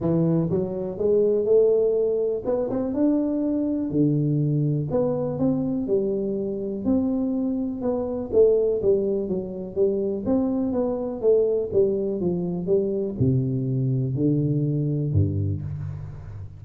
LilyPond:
\new Staff \with { instrumentName = "tuba" } { \time 4/4 \tempo 4 = 123 e4 fis4 gis4 a4~ | a4 b8 c'8 d'2 | d2 b4 c'4 | g2 c'2 |
b4 a4 g4 fis4 | g4 c'4 b4 a4 | g4 f4 g4 c4~ | c4 d2 g,4 | }